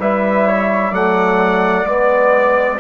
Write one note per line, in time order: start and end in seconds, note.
0.00 0.91 G3
0.00 0.93 E4
0.00 0.47 B4
0.00 0.95 E5
0.47 0.91 C#5
0.91 1.85 F#3
0.91 1.86 A3
0.91 2.78 D5
0.91 1.86 F#5
1.86 2.80 G#3
1.86 2.80 B3
1.86 2.80 D5